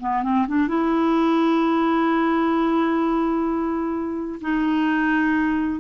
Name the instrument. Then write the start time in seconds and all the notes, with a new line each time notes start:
clarinet
0.00 B3
0.23 C4
0.48 D4
0.68 E4
4.41 D#4